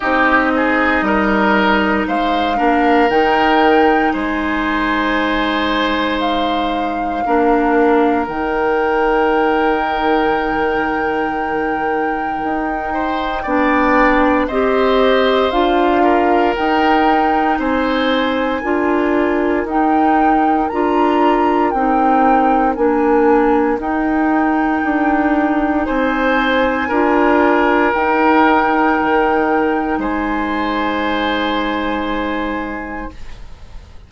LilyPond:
<<
  \new Staff \with { instrumentName = "flute" } { \time 4/4 \tempo 4 = 58 dis''2 f''4 g''4 | gis''2 f''2 | g''1~ | g''2 dis''4 f''4 |
g''4 gis''2 g''4 | ais''4 g''4 gis''4 g''4~ | g''4 gis''2 g''4~ | g''4 gis''2. | }
  \new Staff \with { instrumentName = "oboe" } { \time 4/4 g'8 gis'8 ais'4 c''8 ais'4. | c''2. ais'4~ | ais'1~ | ais'8 c''8 d''4 c''4. ais'8~ |
ais'4 c''4 ais'2~ | ais'1~ | ais'4 c''4 ais'2~ | ais'4 c''2. | }
  \new Staff \with { instrumentName = "clarinet" } { \time 4/4 dis'2~ dis'8 d'8 dis'4~ | dis'2. d'4 | dis'1~ | dis'4 d'4 g'4 f'4 |
dis'2 f'4 dis'4 | f'4 dis'4 d'4 dis'4~ | dis'2 f'4 dis'4~ | dis'1 | }
  \new Staff \with { instrumentName = "bassoon" } { \time 4/4 c'4 g4 gis8 ais8 dis4 | gis2. ais4 | dis1 | dis'4 b4 c'4 d'4 |
dis'4 c'4 d'4 dis'4 | d'4 c'4 ais4 dis'4 | d'4 c'4 d'4 dis'4 | dis4 gis2. | }
>>